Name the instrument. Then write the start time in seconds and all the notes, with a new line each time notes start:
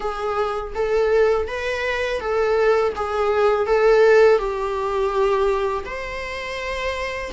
viola
0.00 G#4
0.75 A4
1.47 B4
2.20 A4
2.95 G#4
3.66 A4
4.38 G4
5.85 C5